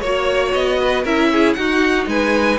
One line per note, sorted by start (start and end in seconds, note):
0.00 0.53 A#3
0.00 1.05 F#4
0.00 0.51 C#5
0.00 0.79 C#5
0.53 1.04 B3
0.53 1.04 D#5
0.81 1.02 B4
1.02 1.55 C#4
1.02 1.57 E4
1.02 1.28 A#4
1.02 1.53 E5
1.32 1.57 G#4
1.53 2.06 D#4
1.53 2.59 D#4
1.53 2.09 F#4
1.53 2.04 F#5
2.06 2.57 G#3
2.06 2.59 B4
2.06 2.59 G#5